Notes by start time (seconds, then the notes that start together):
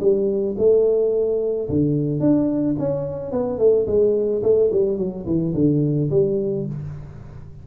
0.00 G3
0.58 A3
1.69 D3
2.20 D4
2.79 C#4
3.31 B3
3.58 A3
3.87 G#3
4.43 A3
4.72 G3
4.98 F#3
5.26 E3
5.54 D3
6.10 G3